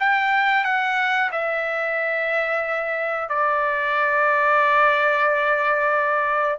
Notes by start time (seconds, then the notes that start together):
0.00 G5
0.64 F#5
1.32 E5
3.29 D5